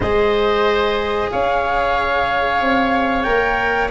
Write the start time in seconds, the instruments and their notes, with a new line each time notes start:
0.00 tuba G#3, cello G#4, oboe C5, flute D#5
1.31 tuba C#4, oboe C#5, flute F5
2.60 tuba C4
3.23 tuba A#3, cello A#4, flute G5